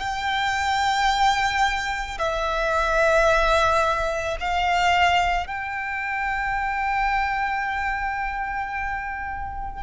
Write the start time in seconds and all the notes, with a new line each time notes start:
0.00 G5
2.19 E5
4.40 F5
5.47 G5